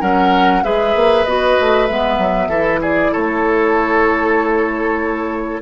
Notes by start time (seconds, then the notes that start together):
0.00 F#3 C#4 A#4 F#5
0.63 G#3 G#4 B4 E5
0.95 A#3
1.25 B3 F#4 D#5
1.60 A3
1.86 G#3 B3 E5
2.18 F#3
2.48 E3 E4 A4
2.81 G#4 D5
3.12 A3 A4 C#5